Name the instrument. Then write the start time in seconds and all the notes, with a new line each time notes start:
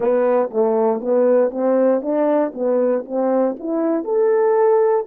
horn
0.00 B3
0.50 A3
1.00 B3
1.50 C4
2.01 D4
2.54 B3
3.05 C4
3.59 E4
4.04 A4